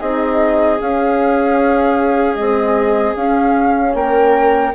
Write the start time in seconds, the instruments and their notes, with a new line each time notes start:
0.00 bassoon C4, horn D#4, viola G#4, flute D#5
0.80 horn C#4, bassoon C#4, flute F5
2.36 horn G#3, bassoon C4, flute D#5
3.16 bassoon C#4, horn C#4, flute F5
3.95 bassoon A#3, viola A#4, flute G5